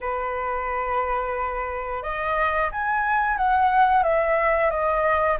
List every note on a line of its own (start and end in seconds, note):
0.00 2.02 B4
2.02 2.70 D#5
2.71 3.37 G#5
3.37 4.03 F#5
4.03 4.70 E5
4.70 5.37 D#5